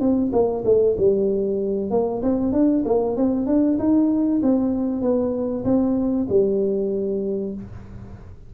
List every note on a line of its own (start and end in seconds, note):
0.00 0.31 C4
0.33 0.64 A#3
0.65 0.96 A3
0.98 1.90 G3
1.90 2.22 A#3
2.23 2.53 C4
2.53 2.84 D4
2.86 3.16 A#3
3.16 3.47 C4
3.47 3.78 D4
3.79 4.41 D#4
4.42 5.02 C4
5.02 5.64 B3
5.64 6.27 C4
6.29 7.54 G3